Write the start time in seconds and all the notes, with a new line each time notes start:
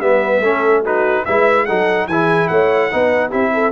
0.00 G3 B3 B4 E5
0.40 A3 C#4 A4
0.83 D#4 F#4 B4
1.25 G#3 E4 B4 E5
1.66 F#3 D#4 A4 F#5
2.08 E3 E4 G#4 G#5
2.48 A3 C#5 F#5
2.92 B3 D#4 B4
3.29 C4 E4 G4 E5
3.54 A4